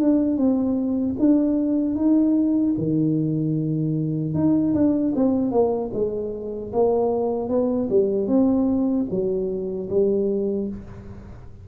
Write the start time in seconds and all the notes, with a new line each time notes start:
0.00 D4
0.37 C4
1.19 D4
1.96 D#4
2.78 D#3
4.35 D#4
4.74 D4
5.16 C4
5.52 A#3
5.94 G#3
6.73 A#3
7.49 B3
7.90 G3
8.28 C4
9.10 F#3
9.90 G3